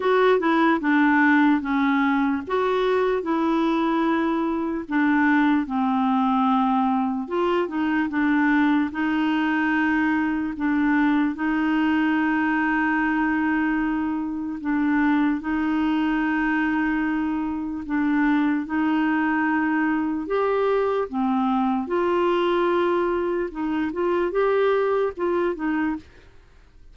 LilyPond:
\new Staff \with { instrumentName = "clarinet" } { \time 4/4 \tempo 4 = 74 fis'8 e'8 d'4 cis'4 fis'4 | e'2 d'4 c'4~ | c'4 f'8 dis'8 d'4 dis'4~ | dis'4 d'4 dis'2~ |
dis'2 d'4 dis'4~ | dis'2 d'4 dis'4~ | dis'4 g'4 c'4 f'4~ | f'4 dis'8 f'8 g'4 f'8 dis'8 | }